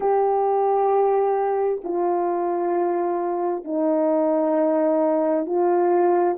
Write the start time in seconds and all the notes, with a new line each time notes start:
0.00 G4
1.83 F4
3.64 D#4
5.45 F4